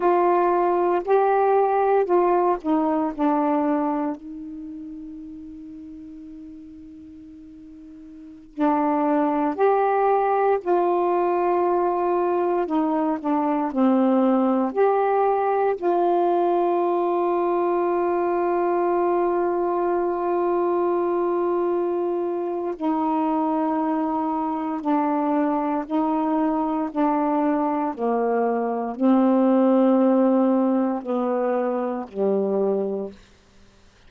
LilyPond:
\new Staff \with { instrumentName = "saxophone" } { \time 4/4 \tempo 4 = 58 f'4 g'4 f'8 dis'8 d'4 | dis'1~ | dis'16 d'4 g'4 f'4.~ f'16~ | f'16 dis'8 d'8 c'4 g'4 f'8.~ |
f'1~ | f'2 dis'2 | d'4 dis'4 d'4 ais4 | c'2 b4 g4 | }